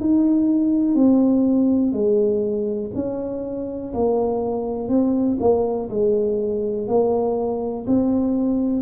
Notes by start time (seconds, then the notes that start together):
0.00 D#4
0.95 C4
1.93 G#3
2.95 C#4
3.94 A#3
4.89 C4
5.40 A#3
5.90 G#3
6.88 A#3
7.87 C4